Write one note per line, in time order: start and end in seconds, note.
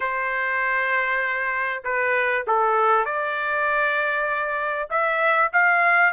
0.00 1.83 C5
1.84 2.45 B4
2.47 3.05 A4
3.05 4.88 D5
4.90 5.51 E5
5.52 6.13 F5